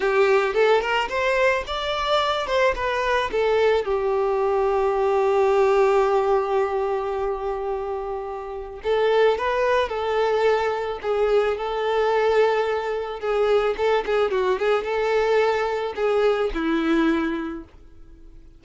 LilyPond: \new Staff \with { instrumentName = "violin" } { \time 4/4 \tempo 4 = 109 g'4 a'8 ais'8 c''4 d''4~ | d''8 c''8 b'4 a'4 g'4~ | g'1~ | g'1 |
a'4 b'4 a'2 | gis'4 a'2. | gis'4 a'8 gis'8 fis'8 gis'8 a'4~ | a'4 gis'4 e'2 | }